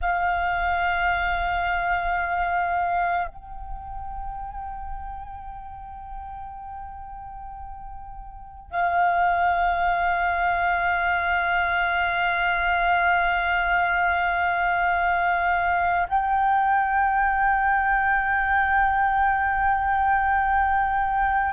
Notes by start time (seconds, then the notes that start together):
0.01 F5
3.27 G5
8.70 F5
16.09 G5